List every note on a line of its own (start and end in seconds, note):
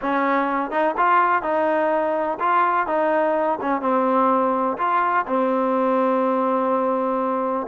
0.01 0.70 C#4
0.70 0.94 D#4
0.97 1.42 F4
1.42 2.38 D#4
2.39 2.86 F4
2.86 3.58 D#4
3.61 3.81 C#4
3.81 4.77 C4
4.77 5.25 F4
5.26 7.66 C4